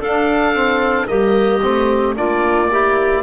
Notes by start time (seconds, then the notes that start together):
0.00 D4 A4 F5
0.54 C4
1.06 G3 A#3 G4 D#5
1.62 A3 C4
2.15 A#3 D4 F4 D5
2.71 E4 G4